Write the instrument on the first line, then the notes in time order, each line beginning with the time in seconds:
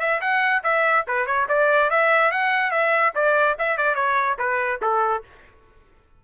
trumpet
0.00 E5
0.21 F#5
0.64 E5
1.08 B4
1.26 C#5
1.49 D5
1.90 E5
2.31 F#5
2.71 E5
3.15 D5
3.59 E5
3.78 D5
3.95 C#5
4.39 B4
4.82 A4